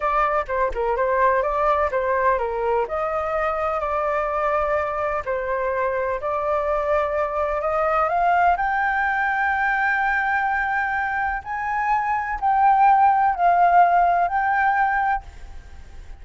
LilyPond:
\new Staff \with { instrumentName = "flute" } { \time 4/4 \tempo 4 = 126 d''4 c''8 ais'8 c''4 d''4 | c''4 ais'4 dis''2 | d''2. c''4~ | c''4 d''2. |
dis''4 f''4 g''2~ | g''1 | gis''2 g''2 | f''2 g''2 | }